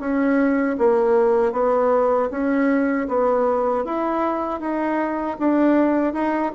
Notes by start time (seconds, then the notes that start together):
0.00 C#4
0.79 A#3
1.53 B3
2.31 C#4
3.09 B3
3.85 E4
4.61 D#4
5.40 D4
6.14 D#4